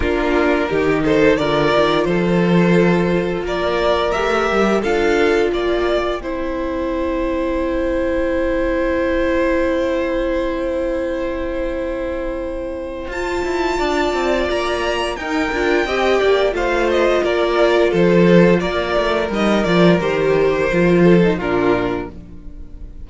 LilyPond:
<<
  \new Staff \with { instrumentName = "violin" } { \time 4/4 \tempo 4 = 87 ais'4. c''8 d''4 c''4~ | c''4 d''4 e''4 f''4 | g''1~ | g''1~ |
g''2. a''4~ | a''4 ais''4 g''2 | f''8 dis''8 d''4 c''4 d''4 | dis''8 d''8 c''2 ais'4 | }
  \new Staff \with { instrumentName = "violin" } { \time 4/4 f'4 g'8 a'8 ais'4 a'4~ | a'4 ais'2 a'4 | d''4 c''2.~ | c''1~ |
c''1 | d''2 ais'4 dis''8 d''8 | c''4 ais'4 a'4 ais'4~ | ais'2~ ais'8 a'8 f'4 | }
  \new Staff \with { instrumentName = "viola" } { \time 4/4 d'4 dis'4 f'2~ | f'2 g'4 f'4~ | f'4 e'2.~ | e'1~ |
e'2. f'4~ | f'2 dis'8 f'8 g'4 | f'1 | dis'8 f'8 g'4 f'8. dis'16 d'4 | }
  \new Staff \with { instrumentName = "cello" } { \time 4/4 ais4 dis4 d8 dis8 f4~ | f4 ais4 a8 g8 d'4 | ais4 c'2.~ | c'1~ |
c'2. f'8 e'8 | d'8 c'8 ais4 dis'8 d'8 c'8 ais8 | a4 ais4 f4 ais8 a8 | g8 f8 dis4 f4 ais,4 | }
>>